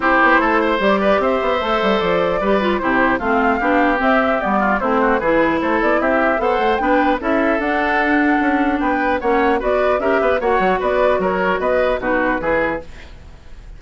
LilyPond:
<<
  \new Staff \with { instrumentName = "flute" } { \time 4/4 \tempo 4 = 150 c''2 d''4 e''4~ | e''4 d''2 c''4 | f''2 e''4 d''4 | c''4 b'4 c''8 d''8 e''4 |
fis''4 g''4 e''4 fis''4~ | fis''2 g''4 fis''4 | d''4 e''4 fis''4 d''4 | cis''4 dis''4 b'2 | }
  \new Staff \with { instrumentName = "oboe" } { \time 4/4 g'4 a'8 c''4 b'8 c''4~ | c''2 b'4 g'4 | f'4 g'2~ g'8 f'8 | e'8 fis'8 gis'4 a'4 g'4 |
c''4 b'4 a'2~ | a'2 b'4 cis''4 | b'4 ais'8 b'8 cis''4 b'4 | ais'4 b'4 fis'4 gis'4 | }
  \new Staff \with { instrumentName = "clarinet" } { \time 4/4 e'2 g'2 | a'2 g'8 f'8 e'4 | c'4 d'4 c'4 b4 | c'4 e'2. |
a'4 d'4 e'4 d'4~ | d'2. cis'4 | fis'4 g'4 fis'2~ | fis'2 dis'4 e'4 | }
  \new Staff \with { instrumentName = "bassoon" } { \time 4/4 c'8 b8 a4 g4 c'8 b8 | a8 g8 f4 g4 c4 | a4 b4 c'4 g4 | a4 e4 a8 b8 c'4 |
b8 a8 b4 cis'4 d'4~ | d'4 cis'4 b4 ais4 | b4 cis'8 b8 ais8 fis8 b4 | fis4 b4 b,4 e4 | }
>>